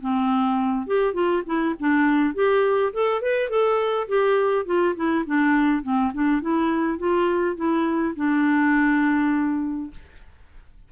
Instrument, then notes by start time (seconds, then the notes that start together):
clarinet
0.00 C4
0.87 G4
1.14 F4
1.46 E4
1.80 D4
2.34 G4
2.93 A4
3.21 B4
3.49 A4
4.08 G4
4.65 F4
4.95 E4
5.26 D4
5.83 C4
6.14 D4
6.42 E4
6.98 F4
7.56 E4
8.16 D4